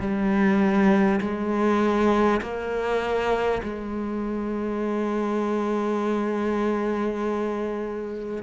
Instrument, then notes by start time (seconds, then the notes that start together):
cello
0.00 G3
1.21 G#3
2.42 A#3
3.62 G#3